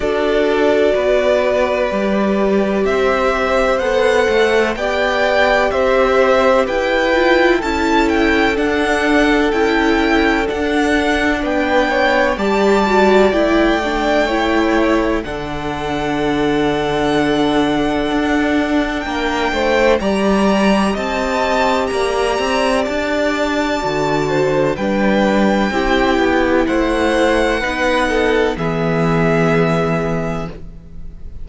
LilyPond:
<<
  \new Staff \with { instrumentName = "violin" } { \time 4/4 \tempo 4 = 63 d''2. e''4 | fis''4 g''4 e''4 g''4 | a''8 g''8 fis''4 g''4 fis''4 | g''4 a''4 g''2 |
fis''1 | g''4 ais''4 a''4 ais''4 | a''2 g''2 | fis''2 e''2 | }
  \new Staff \with { instrumentName = "violin" } { \time 4/4 a'4 b'2 c''4~ | c''4 d''4 c''4 b'4 | a'1 | b'8 cis''8 d''2 cis''4 |
a'1 | ais'8 c''8 d''4 dis''4 d''4~ | d''4. c''8 b'4 g'4 | c''4 b'8 a'8 gis'2 | }
  \new Staff \with { instrumentName = "viola" } { \time 4/4 fis'2 g'2 | a'4 g'2~ g'8 f'8 | e'4 d'4 e'4 d'4~ | d'4 g'8 fis'8 e'8 d'8 e'4 |
d'1~ | d'4 g'2.~ | g'4 fis'4 d'4 e'4~ | e'4 dis'4 b2 | }
  \new Staff \with { instrumentName = "cello" } { \time 4/4 d'4 b4 g4 c'4 | b8 a8 b4 c'4 e'4 | cis'4 d'4 cis'4 d'4 | b4 g4 a2 |
d2. d'4 | ais8 a8 g4 c'4 ais8 c'8 | d'4 d4 g4 c'8 b8 | a4 b4 e2 | }
>>